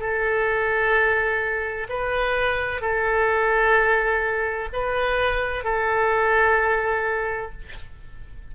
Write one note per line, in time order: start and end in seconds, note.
0.00 1.87 A4
1.90 2.81 B4
2.81 4.69 A4
4.73 5.64 B4
5.64 7.52 A4